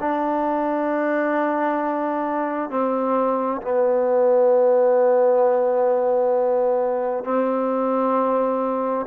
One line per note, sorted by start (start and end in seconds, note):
0.00 2.70 D4
2.70 3.61 C4
3.62 7.24 B3
7.24 9.06 C4